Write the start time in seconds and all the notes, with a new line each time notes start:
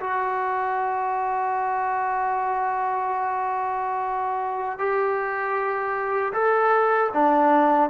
0.00 F#4
4.78 G4
6.33 A4
7.13 D4